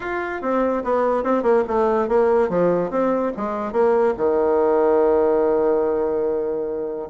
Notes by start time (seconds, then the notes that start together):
0.00 F4
0.41 C4
0.84 B3
1.23 C4
1.42 A#3
1.67 A3
2.08 A#3
2.49 F3
2.90 C4
3.36 G#3
3.72 A#3
4.17 D#3